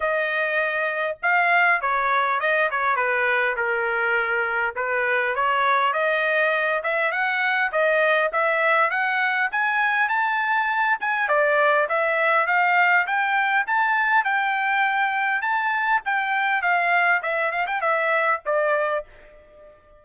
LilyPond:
\new Staff \with { instrumentName = "trumpet" } { \time 4/4 \tempo 4 = 101 dis''2 f''4 cis''4 | dis''8 cis''8 b'4 ais'2 | b'4 cis''4 dis''4. e''8 | fis''4 dis''4 e''4 fis''4 |
gis''4 a''4. gis''8 d''4 | e''4 f''4 g''4 a''4 | g''2 a''4 g''4 | f''4 e''8 f''16 g''16 e''4 d''4 | }